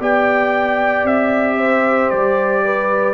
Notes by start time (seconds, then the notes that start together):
0.00 B3 G4 D5 G5
1.04 C4 E5
1.58 C5
2.10 G3 D5
2.65 B4